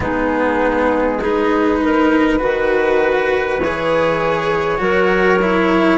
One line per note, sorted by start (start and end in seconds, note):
0.00 2.39 G#3
0.00 1.19 B3
0.00 1.19 D#4
0.00 1.21 G#4
1.19 2.39 D#4
1.19 1.79 G#4
1.19 3.60 B4
1.82 2.40 A#4
2.39 3.59 D#3
2.39 3.59 F#4
2.39 4.80 B4
3.59 4.79 E3
3.59 4.78 G#4
3.59 5.97 C#5
4.78 5.97 F#3
4.78 5.38 F#4
4.78 5.97 A#4
5.41 5.97 E4